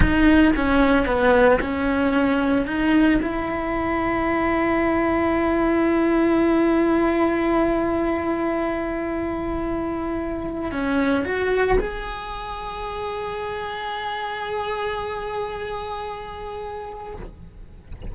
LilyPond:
\new Staff \with { instrumentName = "cello" } { \time 4/4 \tempo 4 = 112 dis'4 cis'4 b4 cis'4~ | cis'4 dis'4 e'2~ | e'1~ | e'1~ |
e'1 | cis'4 fis'4 gis'2~ | gis'1~ | gis'1 | }